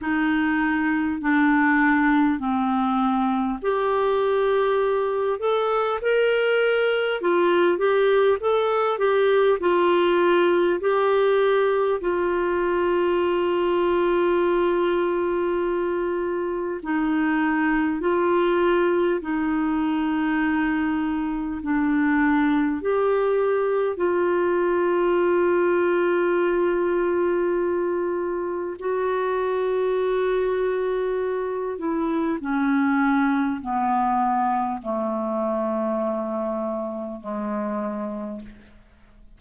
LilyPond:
\new Staff \with { instrumentName = "clarinet" } { \time 4/4 \tempo 4 = 50 dis'4 d'4 c'4 g'4~ | g'8 a'8 ais'4 f'8 g'8 a'8 g'8 | f'4 g'4 f'2~ | f'2 dis'4 f'4 |
dis'2 d'4 g'4 | f'1 | fis'2~ fis'8 e'8 cis'4 | b4 a2 gis4 | }